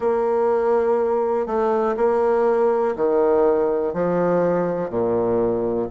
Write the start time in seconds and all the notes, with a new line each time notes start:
0.00 A#3
1.46 A3
1.97 A#3
2.96 D#3
3.93 F3
4.90 A#2